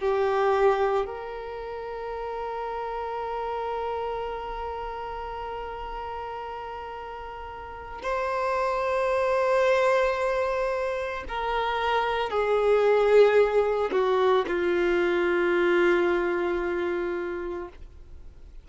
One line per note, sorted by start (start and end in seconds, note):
0.00 1.06 G4
1.06 8.03 A#4
8.03 11.25 C5
11.29 12.30 A#4
12.30 13.91 G#4
13.92 14.45 F#4
14.47 17.69 F4